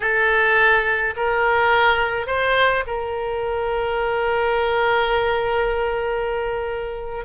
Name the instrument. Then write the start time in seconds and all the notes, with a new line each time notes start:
oboe
0.00 A4
1.16 A#4
2.26 C5
2.86 A#4